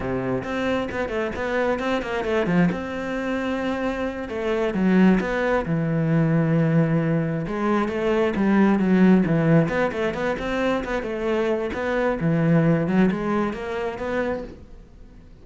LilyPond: \new Staff \with { instrumentName = "cello" } { \time 4/4 \tempo 4 = 133 c4 c'4 b8 a8 b4 | c'8 ais8 a8 f8 c'2~ | c'4. a4 fis4 b8~ | b8 e2.~ e8~ |
e8 gis4 a4 g4 fis8~ | fis8 e4 b8 a8 b8 c'4 | b8 a4. b4 e4~ | e8 fis8 gis4 ais4 b4 | }